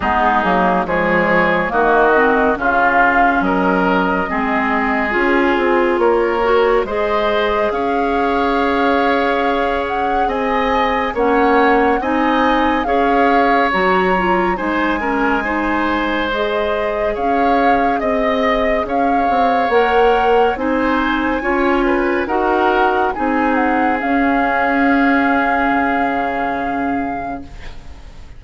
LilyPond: <<
  \new Staff \with { instrumentName = "flute" } { \time 4/4 \tempo 4 = 70 gis'4 cis''4 dis''4 f''4 | dis''2 gis'4 cis''4 | dis''4 f''2~ f''8 fis''8 | gis''4 fis''4 gis''4 f''4 |
ais''4 gis''2 dis''4 | f''4 dis''4 f''4 fis''4 | gis''2 fis''4 gis''8 fis''8 | f''1 | }
  \new Staff \with { instrumentName = "oboe" } { \time 4/4 dis'4 gis'4 fis'4 f'4 | ais'4 gis'2 ais'4 | c''4 cis''2. | dis''4 cis''4 dis''4 cis''4~ |
cis''4 c''8 ais'8 c''2 | cis''4 dis''4 cis''2 | c''4 cis''8 b'8 ais'4 gis'4~ | gis'1 | }
  \new Staff \with { instrumentName = "clarinet" } { \time 4/4 b8 ais8 gis4 ais8 c'8 cis'4~ | cis'4 c'4 f'4. fis'8 | gis'1~ | gis'4 cis'4 dis'4 gis'4 |
fis'8 f'8 dis'8 cis'8 dis'4 gis'4~ | gis'2. ais'4 | dis'4 f'4 fis'4 dis'4 | cis'1 | }
  \new Staff \with { instrumentName = "bassoon" } { \time 4/4 gis8 fis8 f4 dis4 cis4 | fis4 gis4 cis'8 c'8 ais4 | gis4 cis'2. | c'4 ais4 c'4 cis'4 |
fis4 gis2. | cis'4 c'4 cis'8 c'8 ais4 | c'4 cis'4 dis'4 c'4 | cis'2 cis2 | }
>>